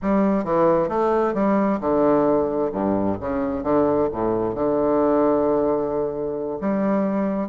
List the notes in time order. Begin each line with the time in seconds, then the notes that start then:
0.02 G3
0.44 E3
0.88 A3
1.34 G3
1.80 D3
2.72 G2
3.20 C#3
3.63 D3
4.11 A2
4.55 D3
6.60 G3